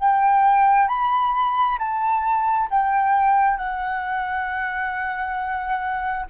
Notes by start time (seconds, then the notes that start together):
0.00 G5
0.88 B5
1.79 A5
2.70 G5
3.57 F#5